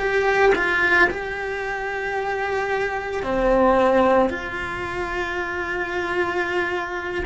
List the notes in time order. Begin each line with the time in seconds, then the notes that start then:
0.00 G4
0.56 F4
1.11 G4
3.23 C4
4.30 F4